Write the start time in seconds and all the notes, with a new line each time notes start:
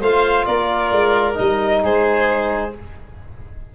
0.00 A3 F4 C5 F5
0.45 A#3 A#4 D5
0.91 G#3
1.34 G3 D#4 D#5
1.83 G#3 G#4 C5